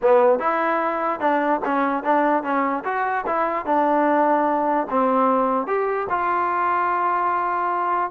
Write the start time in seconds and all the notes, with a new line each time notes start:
0.02 B3
0.39 E4
1.19 D4
1.64 C#4
2.03 D4
2.43 C#4
2.84 F#4
3.26 E4
3.65 D4
4.89 C4
5.66 G4
6.09 F4